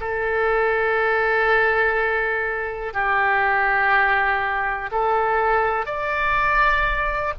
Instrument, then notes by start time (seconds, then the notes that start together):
oboe
0.00 A4
2.93 G4
4.91 A4
5.86 D5